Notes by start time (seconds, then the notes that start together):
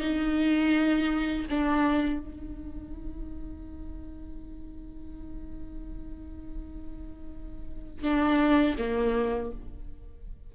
0.00 D#4
1.50 D4
2.20 D#4
8.03 D4
8.78 A#3